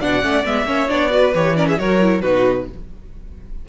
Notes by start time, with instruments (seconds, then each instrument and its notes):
0.00 cello B2, viola D4, violin D5 F#5
0.22 cello A3, viola C#4
0.44 cello G#3, viola B3, violin E5
0.65 cello A#3, viola C#4, violin C#5
0.88 cello B3, viola D4, violin D5
1.09 viola F#4, violin B4
1.34 cello E3, viola G4, violin C#5
1.56 viola C#4, violin A#4 D5
1.68 violin G#4 E5
1.78 cello F#3, viola F#4, violin A#4 C#5
2.00 viola E4
2.21 cello B2, viola D#4, violin F#4 B4